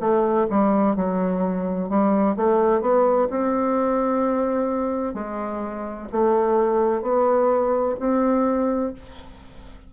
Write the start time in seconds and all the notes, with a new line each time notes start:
0.00 A3
0.50 G3
0.96 F#3
1.89 G3
2.36 A3
2.81 B3
3.30 C4
5.14 G#3
6.12 A3
7.02 B3
7.99 C4